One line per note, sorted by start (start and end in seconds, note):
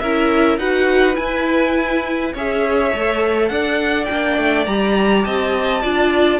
0.00 0.58 C#4
0.00 0.60 E4
0.00 0.59 A#4
0.00 0.58 E5
0.58 1.16 D#4
0.58 1.14 F#4
0.58 2.34 B4
0.58 1.16 F#5
1.14 2.31 E4
1.14 2.35 E4
1.14 2.33 G#5
2.34 2.93 C#4
2.34 2.92 G#4
2.34 3.51 C#5
2.34 3.49 E5
2.92 3.50 A3
2.92 4.08 A4
3.49 4.08 D4
3.49 5.25 D5
3.49 4.05 F#5
4.05 4.37 A#3
4.05 4.67 D4
4.05 4.63 G5
4.37 4.67 A3
4.66 5.25 G3
4.66 5.83 G4
4.66 5.24 A#5
5.24 5.84 C4
5.24 5.82 D#5
5.24 6.40 A5
5.82 6.40 D4
5.82 6.40 F4
5.82 6.40 D5